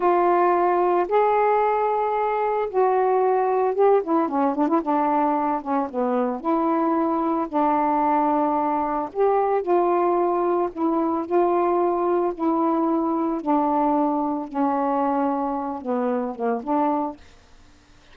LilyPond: \new Staff \with { instrumentName = "saxophone" } { \time 4/4 \tempo 4 = 112 f'2 gis'2~ | gis'4 fis'2 g'8 e'8 | cis'8 d'16 e'16 d'4. cis'8 b4 | e'2 d'2~ |
d'4 g'4 f'2 | e'4 f'2 e'4~ | e'4 d'2 cis'4~ | cis'4. b4 ais8 d'4 | }